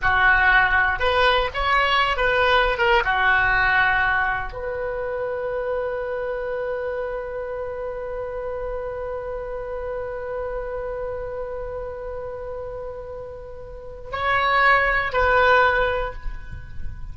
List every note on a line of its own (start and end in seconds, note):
0.01 0.99 F#4
0.99 1.49 B4
1.54 2.16 C#5
2.16 2.78 B4
2.78 3.03 A#4
3.04 4.52 F#4
4.52 14.10 B4
14.12 15.12 C#5
15.12 16.13 B4